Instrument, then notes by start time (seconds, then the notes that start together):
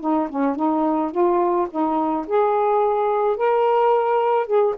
saxophone
0.00 D#4
0.29 C#4
0.55 D#4
1.11 F4
1.70 D#4
2.26 G#4
3.36 A#4
4.46 G#4